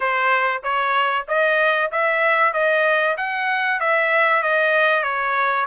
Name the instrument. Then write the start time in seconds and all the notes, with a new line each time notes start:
trumpet
0.00 C5
0.63 C#5
1.28 D#5
1.91 E5
2.53 D#5
3.17 F#5
3.80 E5
4.42 D#5
5.03 C#5